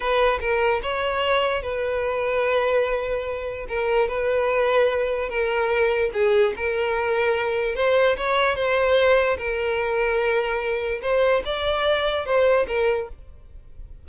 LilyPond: \new Staff \with { instrumentName = "violin" } { \time 4/4 \tempo 4 = 147 b'4 ais'4 cis''2 | b'1~ | b'4 ais'4 b'2~ | b'4 ais'2 gis'4 |
ais'2. c''4 | cis''4 c''2 ais'4~ | ais'2. c''4 | d''2 c''4 ais'4 | }